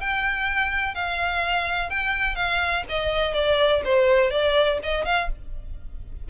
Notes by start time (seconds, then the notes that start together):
0.00 G5
0.94 F5
1.90 G5
2.35 F5
2.89 D#5
3.34 D5
3.84 C5
4.30 D5
4.83 D#5
5.04 F5